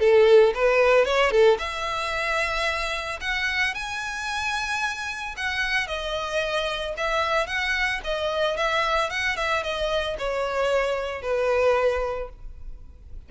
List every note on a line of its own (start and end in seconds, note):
0.00 0.54 A4
0.55 1.06 B4
1.06 1.31 C#5
1.31 1.58 A4
1.59 3.20 E5
3.21 3.75 F#5
3.75 5.36 G#5
5.37 5.88 F#5
5.88 6.95 D#5
6.98 7.47 E5
7.47 8.01 F#5
8.04 8.57 D#5
8.57 9.10 E5
9.10 9.37 F#5
9.37 9.64 E5
9.64 10.17 D#5
10.19 11.22 C#5
11.22 12.29 B4